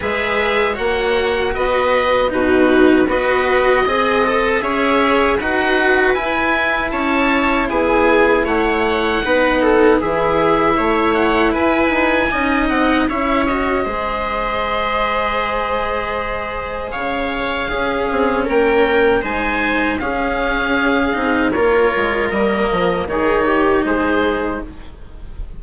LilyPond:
<<
  \new Staff \with { instrumentName = "oboe" } { \time 4/4 \tempo 4 = 78 e''4 fis''4 dis''4 b'4 | dis''2 e''4 fis''4 | gis''4 a''4 gis''4 fis''4~ | fis''4 e''4. fis''8 gis''4~ |
gis''8 fis''8 e''8 dis''2~ dis''8~ | dis''2 f''2 | g''4 gis''4 f''2 | cis''4 dis''4 cis''4 c''4 | }
  \new Staff \with { instrumentName = "viola" } { \time 4/4 b'4 cis''4 b'4 fis'4 | b'4 dis''4 cis''4 b'4~ | b'4 cis''4 gis'4 cis''4 | b'8 a'8 gis'4 cis''4 b'4 |
dis''4 cis''4 c''2~ | c''2 cis''4 gis'4 | ais'4 c''4 gis'2 | ais'2 gis'8 g'8 gis'4 | }
  \new Staff \with { instrumentName = "cello" } { \time 4/4 gis'4 fis'2 dis'4 | fis'4 gis'8 a'8 gis'4 fis'4 | e'1 | dis'4 e'2. |
dis'4 e'8 fis'8 gis'2~ | gis'2. cis'4~ | cis'4 dis'4 cis'4. dis'8 | f'4 ais4 dis'2 | }
  \new Staff \with { instrumentName = "bassoon" } { \time 4/4 gis4 ais4 b4 b,4 | b4 c'4 cis'4 dis'4 | e'4 cis'4 b4 a4 | b4 e4 a4 e'8 dis'8 |
cis'8 c'8 cis'4 gis2~ | gis2 cis4 cis'8 c'8 | ais4 gis4 cis'4. c'8 | ais8 gis8 g8 f8 dis4 gis4 | }
>>